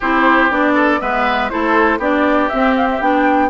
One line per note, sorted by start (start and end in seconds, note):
0.00 0.50 C4
0.00 0.50 E4
0.00 0.72 G4
0.00 0.51 C5
0.50 1.00 B3
0.50 0.99 D4
0.50 1.01 D5
0.74 0.99 A4
0.99 1.51 G#3
0.99 1.49 B3
0.99 1.51 B4
0.99 1.49 E5
1.49 1.98 A3
1.49 2.00 E4
1.49 1.98 A4
1.49 1.99 C5
1.98 2.48 B3
1.98 2.50 D4
1.98 3.48 G4
1.98 2.49 D5
2.49 3.01 C4
2.49 3.00 C4
2.49 2.74 E5
2.76 2.89 F5
2.90 3.01 E5
3.00 3.49 B3
3.00 3.49 D4
3.00 3.49 G5